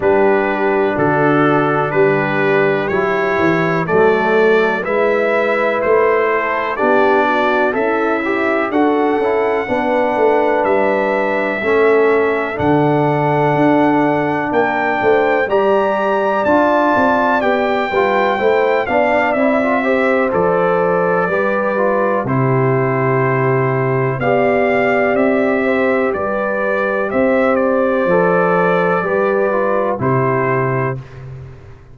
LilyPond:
<<
  \new Staff \with { instrumentName = "trumpet" } { \time 4/4 \tempo 4 = 62 b'4 a'4 b'4 cis''4 | d''4 e''4 c''4 d''4 | e''4 fis''2 e''4~ | e''4 fis''2 g''4 |
ais''4 a''4 g''4. f''8 | e''4 d''2 c''4~ | c''4 f''4 e''4 d''4 | e''8 d''2~ d''8 c''4 | }
  \new Staff \with { instrumentName = "horn" } { \time 4/4 g'4 fis'4 g'2 | a'4 b'4. a'8 g'8 fis'8 | e'4 a'4 b'2 | a'2. ais'8 c''8 |
d''2~ d''8 b'8 c''8 d''8~ | d''8 c''4. b'4 g'4~ | g'4 d''4. c''8 b'4 | c''2 b'4 g'4 | }
  \new Staff \with { instrumentName = "trombone" } { \time 4/4 d'2. e'4 | a4 e'2 d'4 | a'8 g'8 fis'8 e'8 d'2 | cis'4 d'2. |
g'4 f'4 g'8 f'8 e'8 d'8 | e'16 f'16 g'8 a'4 g'8 f'8 e'4~ | e'4 g'2.~ | g'4 a'4 g'8 f'8 e'4 | }
  \new Staff \with { instrumentName = "tuba" } { \time 4/4 g4 d4 g4 fis8 e8 | fis4 gis4 a4 b4 | cis'4 d'8 cis'8 b8 a8 g4 | a4 d4 d'4 ais8 a8 |
g4 d'8 c'8 b8 g8 a8 b8 | c'4 f4 g4 c4~ | c4 b4 c'4 g4 | c'4 f4 g4 c4 | }
>>